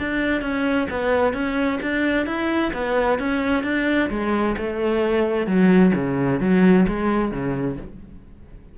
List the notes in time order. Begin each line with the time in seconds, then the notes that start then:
0.00 D4
0.42 C#4
0.91 B3
1.34 C#4
1.82 D4
2.27 E4
2.74 B3
3.20 C#4
3.64 D4
4.11 G#3
4.57 A3
5.47 F#3
5.95 C#3
6.41 F#3
6.88 G#3
7.32 C#3